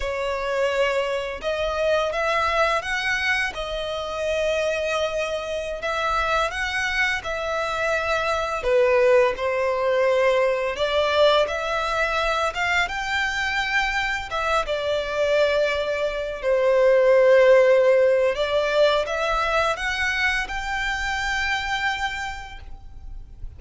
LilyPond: \new Staff \with { instrumentName = "violin" } { \time 4/4 \tempo 4 = 85 cis''2 dis''4 e''4 | fis''4 dis''2.~ | dis''16 e''4 fis''4 e''4.~ e''16~ | e''16 b'4 c''2 d''8.~ |
d''16 e''4. f''8 g''4.~ g''16~ | g''16 e''8 d''2~ d''8 c''8.~ | c''2 d''4 e''4 | fis''4 g''2. | }